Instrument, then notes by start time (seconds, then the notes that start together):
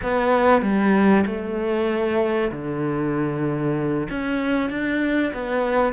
cello
0.03 B3
0.62 G3
1.26 A3
2.51 D3
4.10 C#4
4.70 D4
5.33 B3